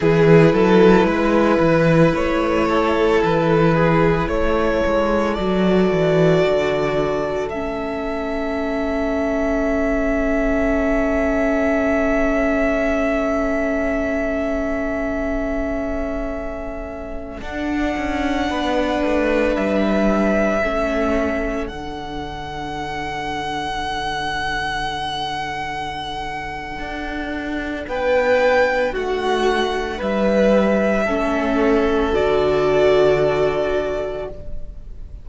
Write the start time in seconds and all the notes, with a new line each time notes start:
0.00 E3 E4 G#4 B4
0.52 F#3 A4
1.04 G#3 B4
1.59 E3
2.15 A3 C#5
2.68 A4
3.23 E3 B4
3.75 G#4
4.27 A3 A4 C#5
4.86 G#3
5.34 F#3 F#4 D5
5.90 E3
6.45 D3
7.49 A3 C#4 E5
17.40 D4 F#5
17.97 C#4
18.50 B3 B4
19.04 A3
19.55 G3 E5
20.62 A3 C#4 A4
21.67 D3 D4 F#5
26.78 D4
27.87 B3 B4 G5
28.92 A3 F#4 F#5
29.97 G3 B4 E5
31.04 A3 C#4 A4
32.13 D3 F#4 D5